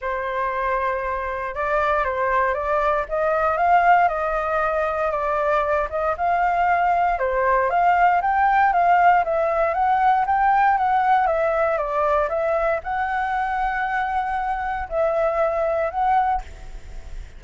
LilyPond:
\new Staff \with { instrumentName = "flute" } { \time 4/4 \tempo 4 = 117 c''2. d''4 | c''4 d''4 dis''4 f''4 | dis''2 d''4. dis''8 | f''2 c''4 f''4 |
g''4 f''4 e''4 fis''4 | g''4 fis''4 e''4 d''4 | e''4 fis''2.~ | fis''4 e''2 fis''4 | }